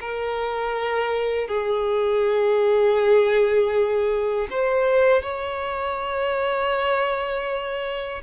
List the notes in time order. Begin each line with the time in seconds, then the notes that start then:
0.00 A#4
1.47 G#4
4.50 C5
5.22 C#5